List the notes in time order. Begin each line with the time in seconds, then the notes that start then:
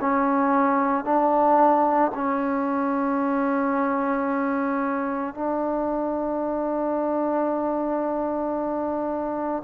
0.00 C#4
1.04 D4
2.14 C#4
5.34 D4